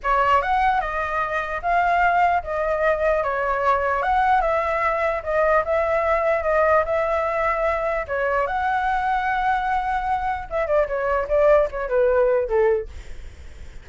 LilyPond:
\new Staff \with { instrumentName = "flute" } { \time 4/4 \tempo 4 = 149 cis''4 fis''4 dis''2 | f''2 dis''2 | cis''2 fis''4 e''4~ | e''4 dis''4 e''2 |
dis''4 e''2. | cis''4 fis''2.~ | fis''2 e''8 d''8 cis''4 | d''4 cis''8 b'4. a'4 | }